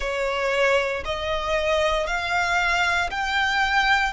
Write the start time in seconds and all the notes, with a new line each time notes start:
0.00 C#5
1.04 D#5
2.06 F5
3.10 G5